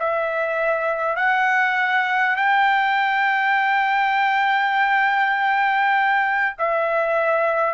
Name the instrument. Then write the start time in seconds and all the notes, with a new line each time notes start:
trumpet
0.00 E5
1.17 F#5
2.37 G5
6.59 E5